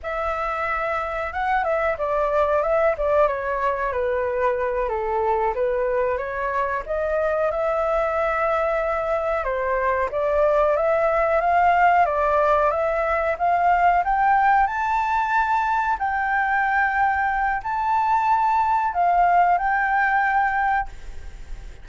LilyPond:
\new Staff \with { instrumentName = "flute" } { \time 4/4 \tempo 4 = 92 e''2 fis''8 e''8 d''4 | e''8 d''8 cis''4 b'4. a'8~ | a'8 b'4 cis''4 dis''4 e''8~ | e''2~ e''8 c''4 d''8~ |
d''8 e''4 f''4 d''4 e''8~ | e''8 f''4 g''4 a''4.~ | a''8 g''2~ g''8 a''4~ | a''4 f''4 g''2 | }